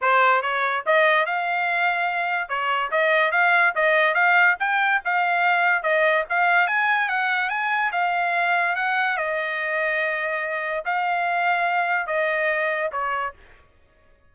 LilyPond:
\new Staff \with { instrumentName = "trumpet" } { \time 4/4 \tempo 4 = 144 c''4 cis''4 dis''4 f''4~ | f''2 cis''4 dis''4 | f''4 dis''4 f''4 g''4 | f''2 dis''4 f''4 |
gis''4 fis''4 gis''4 f''4~ | f''4 fis''4 dis''2~ | dis''2 f''2~ | f''4 dis''2 cis''4 | }